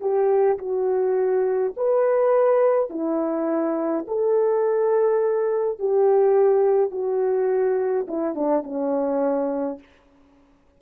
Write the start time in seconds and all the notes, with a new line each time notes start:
0.00 G4
0.58 F#4
1.76 B4
2.90 E4
4.07 A4
5.78 G4
6.91 F#4
8.07 E4
8.34 D4
8.63 C#4